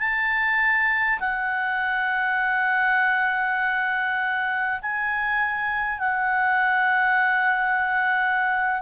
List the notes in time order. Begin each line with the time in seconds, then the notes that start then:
0.00 A5
1.20 F#5
4.82 G#5
5.99 F#5